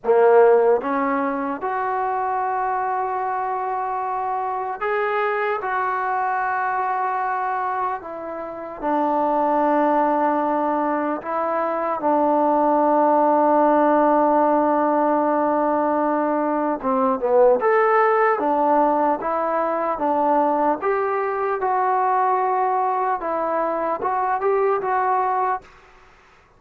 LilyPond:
\new Staff \with { instrumentName = "trombone" } { \time 4/4 \tempo 4 = 75 ais4 cis'4 fis'2~ | fis'2 gis'4 fis'4~ | fis'2 e'4 d'4~ | d'2 e'4 d'4~ |
d'1~ | d'4 c'8 b8 a'4 d'4 | e'4 d'4 g'4 fis'4~ | fis'4 e'4 fis'8 g'8 fis'4 | }